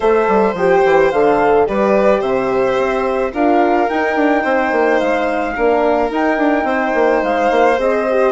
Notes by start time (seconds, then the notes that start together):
0.00 A3 A4 C5 E5
0.28 G3
0.53 F3 G4 G5
0.85 E3
1.11 D3 A4 F5
1.66 G3 G4 B4 D5
2.20 C3 C5 E5
2.77 C4
3.33 D4 F4 A#4 F5
3.89 D#4 G5
4.15 D4
4.42 C4 C5
4.72 A#3
4.99 G#3 F5
5.55 A#3 D4 A#4
6.09 D#4 G5
6.37 D4
6.64 C4 C5
6.94 A#3
7.22 G#3 F5
7.50 A#3
7.77 C4 G#4 D#5
8.09 G4